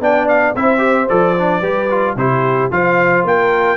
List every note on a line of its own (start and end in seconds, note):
0.00 0.54 B3
0.00 0.55 D4
0.00 0.56 D5
0.00 0.28 G5
0.28 0.55 F5
0.55 1.09 C4
0.55 0.78 E4
0.55 1.61 C5
0.55 1.09 E5
0.78 1.05 G4
1.09 1.61 F3
1.09 1.36 A4
1.09 2.17 D5
1.38 1.62 D4
1.61 2.16 G3
1.61 1.89 G4
1.61 2.15 B4
1.90 2.17 F4
2.16 2.70 C3
2.16 2.71 E4
2.16 2.73 G4
2.16 2.71 C5
2.71 3.24 F3
2.71 3.77 F4
2.71 3.27 C5
2.71 3.26 F5
3.24 3.77 A#3
3.24 3.77 A#4
3.24 3.77 G5